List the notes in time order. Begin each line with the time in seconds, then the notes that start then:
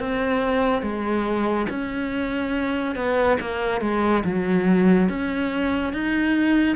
0.00 C4
0.82 G#3
1.70 C#4
2.96 B3
3.41 A#3
3.81 G#3
4.24 F#3
5.09 C#4
5.93 D#4